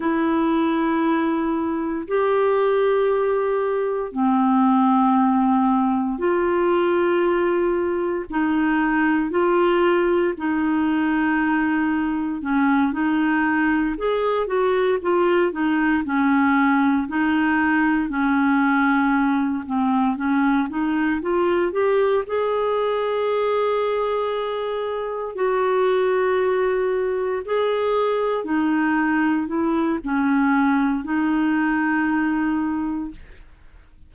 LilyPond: \new Staff \with { instrumentName = "clarinet" } { \time 4/4 \tempo 4 = 58 e'2 g'2 | c'2 f'2 | dis'4 f'4 dis'2 | cis'8 dis'4 gis'8 fis'8 f'8 dis'8 cis'8~ |
cis'8 dis'4 cis'4. c'8 cis'8 | dis'8 f'8 g'8 gis'2~ gis'8~ | gis'8 fis'2 gis'4 dis'8~ | dis'8 e'8 cis'4 dis'2 | }